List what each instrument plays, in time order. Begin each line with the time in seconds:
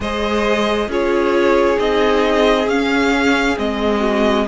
0.00 cello G#3, viola G#4, violin C5 D#5
0.88 cello C#4, viola F4, violin G#4 C#5
1.76 cello C4, viola D#4, violin D#5
2.67 cello C#4, viola C#4, violin F5
3.57 cello G#3, viola C4, violin D#5
4.00 violin F#4